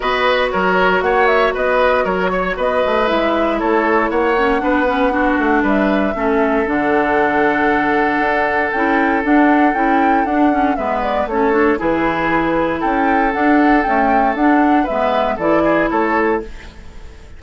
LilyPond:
<<
  \new Staff \with { instrumentName = "flute" } { \time 4/4 \tempo 4 = 117 dis''4 cis''4 fis''8 e''8 dis''4 | cis''4 dis''4 e''4 cis''4 | fis''2. e''4~ | e''4 fis''2.~ |
fis''4 g''4 fis''4 g''4 | fis''4 e''8 d''8 cis''4 b'4~ | b'4 g''4 fis''4 g''4 | fis''4 e''4 d''4 cis''4 | }
  \new Staff \with { instrumentName = "oboe" } { \time 4/4 b'4 ais'4 cis''4 b'4 | ais'8 cis''8 b'2 a'4 | cis''4 b'4 fis'4 b'4 | a'1~ |
a'1~ | a'4 b'4 a'4 gis'4~ | gis'4 a'2.~ | a'4 b'4 a'8 gis'8 a'4 | }
  \new Staff \with { instrumentName = "clarinet" } { \time 4/4 fis'1~ | fis'2 e'2~ | e'8 cis'8 d'8 cis'8 d'2 | cis'4 d'2.~ |
d'4 e'4 d'4 e'4 | d'8 cis'8 b4 cis'8 d'8 e'4~ | e'2 d'4 a4 | d'4 b4 e'2 | }
  \new Staff \with { instrumentName = "bassoon" } { \time 4/4 b4 fis4 ais4 b4 | fis4 b8 a8 gis4 a4 | ais4 b4. a8 g4 | a4 d2. |
d'4 cis'4 d'4 cis'4 | d'4 gis4 a4 e4~ | e4 cis'4 d'4 cis'4 | d'4 gis4 e4 a4 | }
>>